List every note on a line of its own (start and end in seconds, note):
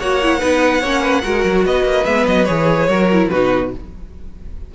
0.00 0.42 A#3
0.00 0.22 F#4
0.00 0.40 C#5
0.00 1.66 F#5
0.23 0.40 E4
0.40 0.83 B3
0.40 0.82 D#4
0.40 0.81 B4
0.82 1.25 A#3
0.82 1.22 C#4
0.82 1.02 C#5
1.02 1.22 B4
1.22 1.45 G#3
1.22 2.05 F#4
1.22 1.66 A#4
1.45 1.65 F#3
1.65 1.85 B3
1.65 2.90 B4
1.65 2.06 D#5
1.85 2.05 A#3
2.06 2.27 G#3
2.06 2.47 B3
2.06 2.26 E5
2.28 2.48 F#3
2.28 2.46 D#5
2.46 2.88 E3
2.46 2.89 G#4
2.46 3.28 C#5
2.88 3.30 F#3
2.88 3.11 F#4
2.88 3.31 A#4
3.13 3.34 E4
3.30 3.75 B2
3.30 3.75 D#4
3.30 3.72 F#4
3.30 3.71 B4